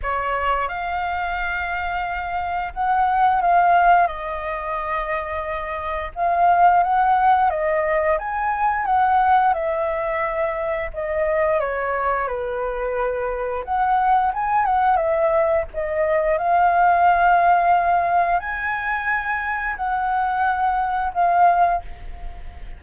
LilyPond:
\new Staff \with { instrumentName = "flute" } { \time 4/4 \tempo 4 = 88 cis''4 f''2. | fis''4 f''4 dis''2~ | dis''4 f''4 fis''4 dis''4 | gis''4 fis''4 e''2 |
dis''4 cis''4 b'2 | fis''4 gis''8 fis''8 e''4 dis''4 | f''2. gis''4~ | gis''4 fis''2 f''4 | }